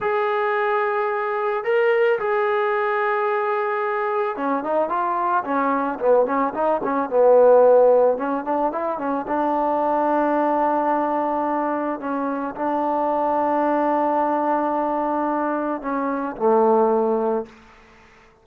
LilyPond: \new Staff \with { instrumentName = "trombone" } { \time 4/4 \tempo 4 = 110 gis'2. ais'4 | gis'1 | cis'8 dis'8 f'4 cis'4 b8 cis'8 | dis'8 cis'8 b2 cis'8 d'8 |
e'8 cis'8 d'2.~ | d'2 cis'4 d'4~ | d'1~ | d'4 cis'4 a2 | }